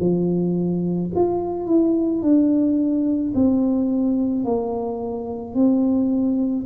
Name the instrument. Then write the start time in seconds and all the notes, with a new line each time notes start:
tuba
0.00 F3
1.15 F4
1.67 E4
2.22 D4
3.35 C4
4.44 A#3
5.55 C4